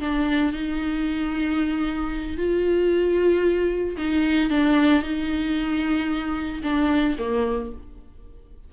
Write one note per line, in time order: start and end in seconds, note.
0.00 0.53 D4
0.53 2.37 D#4
2.37 3.96 F4
3.98 4.50 D#4
4.50 5.02 D4
5.02 6.62 D#4
6.63 7.16 D4
7.18 7.71 A#3